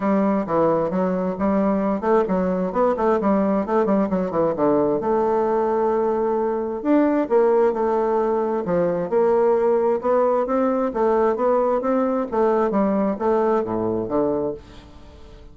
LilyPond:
\new Staff \with { instrumentName = "bassoon" } { \time 4/4 \tempo 4 = 132 g4 e4 fis4 g4~ | g8 a8 fis4 b8 a8 g4 | a8 g8 fis8 e8 d4 a4~ | a2. d'4 |
ais4 a2 f4 | ais2 b4 c'4 | a4 b4 c'4 a4 | g4 a4 a,4 d4 | }